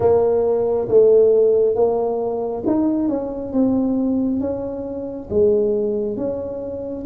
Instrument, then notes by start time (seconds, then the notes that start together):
tuba
0.00 A#3
0.88 A3
1.74 A#3
2.66 D#4
3.08 C#4
3.53 C4
4.40 C#4
5.29 G#3
6.16 C#4